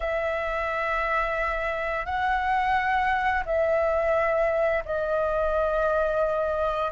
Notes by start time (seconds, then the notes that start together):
0.00 E5
2.05 F#5
3.45 E5
4.85 D#5